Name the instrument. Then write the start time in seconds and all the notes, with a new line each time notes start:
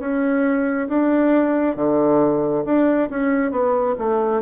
bassoon
0.00 C#4
0.89 D4
1.76 D3
2.65 D4
3.10 C#4
3.51 B3
3.99 A3